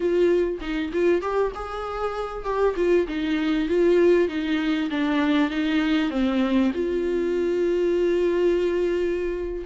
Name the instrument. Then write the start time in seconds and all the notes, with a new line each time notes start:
viola
0.00 F4
0.60 D#4
0.92 F4
1.21 G4
1.54 G#4
2.44 G4
2.76 F4
3.07 D#4
3.68 F4
4.28 D#4
4.90 D4
5.50 D#4
6.10 C4
6.74 F4